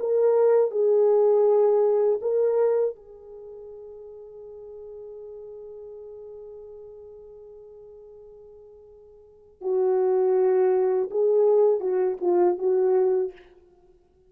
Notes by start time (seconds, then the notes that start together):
0.00 A#4
0.71 G#4
2.22 A#4
2.96 G#4
9.62 F#4
11.11 G#4
11.80 F#4
12.21 F4
12.58 F#4